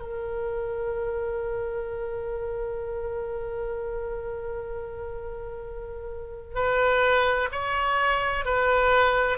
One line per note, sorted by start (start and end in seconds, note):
0.00 6.55 A#4
6.55 7.49 B4
7.52 8.45 C#5
8.45 9.38 B4